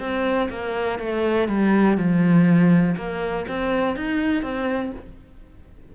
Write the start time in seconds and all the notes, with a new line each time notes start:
0.00 C4
0.50 A#3
0.99 A3
1.48 G3
1.98 F3
2.96 A#3
3.48 C4
3.96 D#4
4.43 C4